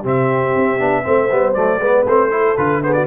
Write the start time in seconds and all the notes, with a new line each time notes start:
0.00 C3 C4 G4
0.06 E5
0.55 C4
0.79 B3 D4
1.03 A3 C4 C5
1.30 G3 B3
1.54 F#3 A3 D5
1.78 G#3 B3 B4
2.04 A3 C4 C5
2.30 E4 A4
2.57 D3 F4 B4
2.82 B3 G#4 C5
2.93 F#4 D5